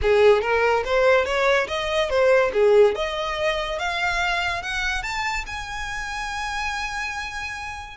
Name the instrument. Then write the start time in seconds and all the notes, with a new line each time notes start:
violin
0.02 G#4
0.41 A#4
0.84 C5
1.25 C#5
1.67 D#5
2.09 C5
2.53 G#4
2.95 D#5
3.78 F5
4.62 F#5
5.02 A5
5.46 G#5